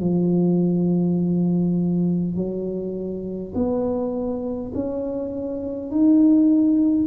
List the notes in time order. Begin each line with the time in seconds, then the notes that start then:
0.00 F3
2.35 F#3
3.55 B3
4.74 C#4
5.90 D#4